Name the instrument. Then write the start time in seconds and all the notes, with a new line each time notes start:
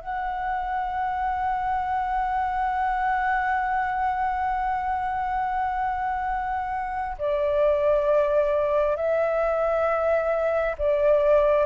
flute
0.00 F#5
7.18 D5
8.96 E5
10.78 D5